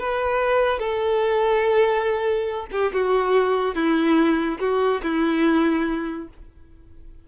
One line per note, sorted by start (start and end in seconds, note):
0.00 0.80 B4
0.80 2.67 A4
2.72 2.93 G4
2.93 3.75 F#4
3.75 4.59 E4
4.60 5.02 F#4
5.03 6.28 E4